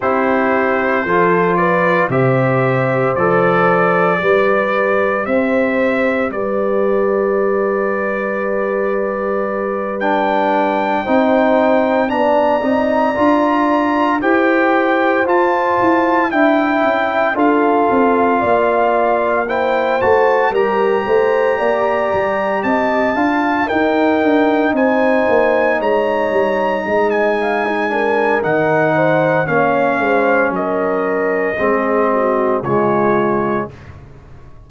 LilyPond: <<
  \new Staff \with { instrumentName = "trumpet" } { \time 4/4 \tempo 4 = 57 c''4. d''8 e''4 d''4~ | d''4 e''4 d''2~ | d''4. g''2 ais''8~ | ais''4. g''4 a''4 g''8~ |
g''8 f''2 g''8 a''8 ais''8~ | ais''4. a''4 g''4 gis''8~ | gis''8 ais''4~ ais''16 gis''4~ gis''16 fis''4 | f''4 dis''2 cis''4 | }
  \new Staff \with { instrumentName = "horn" } { \time 4/4 g'4 a'8 b'8 c''2 | b'4 c''4 b'2~ | b'2~ b'8 c''4 d''8~ | d''4. c''2 e''8~ |
e''8 a'4 d''4 c''4 ais'8 | c''8 d''4 dis''8 f''8 ais'4 c''8~ | c''8 cis''4 dis''8 f''16 dis'16 ais'4 c''8 | cis''8 c''8 ais'4 gis'8 fis'8 f'4 | }
  \new Staff \with { instrumentName = "trombone" } { \time 4/4 e'4 f'4 g'4 a'4 | g'1~ | g'4. d'4 dis'4 d'8 | dis'8 f'4 g'4 f'4 e'8~ |
e'8 f'2 e'8 fis'8 g'8~ | g'2 f'8 dis'4.~ | dis'2~ dis'8 d'8 dis'4 | cis'2 c'4 gis4 | }
  \new Staff \with { instrumentName = "tuba" } { \time 4/4 c'4 f4 c4 f4 | g4 c'4 g2~ | g2~ g8 c'4 b8 | c'8 d'4 e'4 f'8 e'8 d'8 |
cis'8 d'8 c'8 ais4. a8 g8 | a8 ais8 g8 c'8 d'8 dis'8 d'8 c'8 | ais8 gis8 g8 gis4. dis4 | ais8 gis8 fis4 gis4 cis4 | }
>>